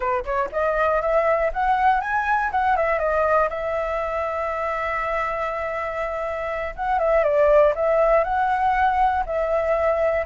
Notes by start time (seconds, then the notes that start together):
0.00 B4
0.24 C#5
0.52 D#5
1.01 E5
1.52 F#5
2.00 G#5
2.51 F#5
2.76 E5
2.99 D#5
3.49 E5
6.76 F#5
6.98 E5
7.23 D5
7.75 E5
8.24 F#5
9.25 E5